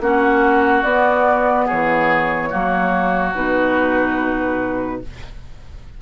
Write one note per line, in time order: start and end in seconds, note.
0.00 0.83 A#3
0.00 0.84 C#4
0.00 1.66 F#4
0.00 0.84 F#5
0.84 1.67 B3
0.84 2.50 B3
0.84 1.67 D5
1.66 2.54 E3
1.66 2.49 G#4
1.66 3.35 C#5
2.50 3.35 F#3
2.50 3.33 A#3
2.50 5.00 F#4
3.35 5.02 B2
3.35 5.02 D#4
3.35 5.02 B4